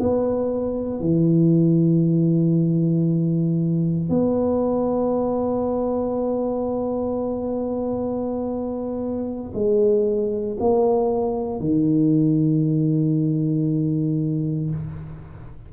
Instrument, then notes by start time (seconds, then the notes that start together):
tuba
0.00 B3
1.01 E3
4.10 B3
9.55 G#3
10.60 A#3
11.61 D#3